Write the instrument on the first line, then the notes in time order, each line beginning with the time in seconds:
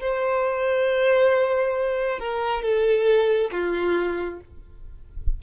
violin
0.00 C5
2.19 A#4
2.62 A4
3.51 F4